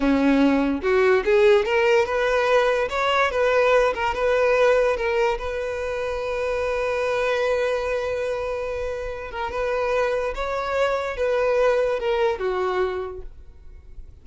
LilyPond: \new Staff \with { instrumentName = "violin" } { \time 4/4 \tempo 4 = 145 cis'2 fis'4 gis'4 | ais'4 b'2 cis''4 | b'4. ais'8 b'2 | ais'4 b'2.~ |
b'1~ | b'2~ b'8 ais'8 b'4~ | b'4 cis''2 b'4~ | b'4 ais'4 fis'2 | }